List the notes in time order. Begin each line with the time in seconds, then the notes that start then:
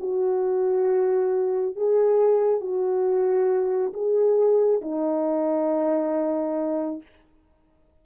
0.00 F#4
1.76 G#4
2.61 F#4
3.94 G#4
4.82 D#4